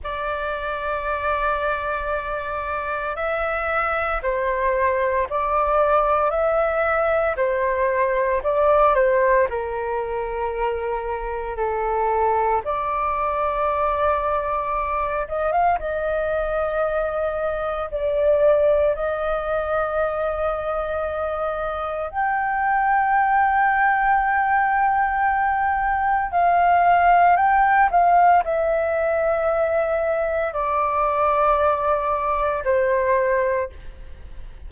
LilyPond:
\new Staff \with { instrumentName = "flute" } { \time 4/4 \tempo 4 = 57 d''2. e''4 | c''4 d''4 e''4 c''4 | d''8 c''8 ais'2 a'4 | d''2~ d''8 dis''16 f''16 dis''4~ |
dis''4 d''4 dis''2~ | dis''4 g''2.~ | g''4 f''4 g''8 f''8 e''4~ | e''4 d''2 c''4 | }